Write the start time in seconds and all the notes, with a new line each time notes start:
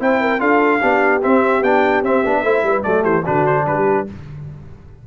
0.00 C4 E4 C5 G5
0.20 A#4
0.39 D4 F4 A4 F5
0.80 B3 D4 G4
1.22 C4 E5
1.62 B3 D4 G5
2.03 C4 E5
2.25 B3 D4
2.43 A3 E4 C5
2.63 G3 B4
2.82 F#3 A3 A4 D5
3.03 E3 G4 C5
3.23 D3 D4 F#4 B4
3.46 C5
3.66 G3 G4 B4